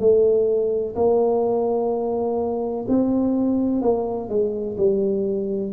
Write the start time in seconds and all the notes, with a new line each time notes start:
0.00 A3
0.95 A#3
2.88 C4
3.82 A#3
4.29 G#3
4.77 G3